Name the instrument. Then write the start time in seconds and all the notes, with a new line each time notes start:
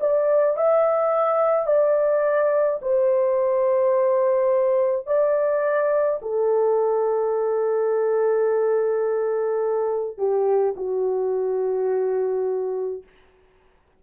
horn
0.00 D5
0.57 E5
1.67 D5
2.81 C5
5.06 D5
6.22 A4
10.18 G4
10.76 F#4